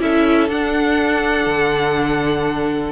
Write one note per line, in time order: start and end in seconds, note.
0.00 0.49 C#4
0.00 0.49 E4
0.00 2.93 A4
0.00 0.50 E5
0.49 1.47 D4
0.49 2.93 D4
0.49 2.93 F#5
1.47 2.93 D3